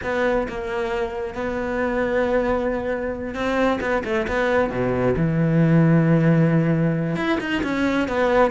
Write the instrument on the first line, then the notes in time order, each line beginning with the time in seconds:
cello
0.03 B3
0.48 A#3
1.34 B3
3.34 C4
3.81 B3
4.04 A3
4.27 B3
4.70 B2
5.16 E3
7.16 E4
7.40 D#4
7.63 C#4
8.08 B3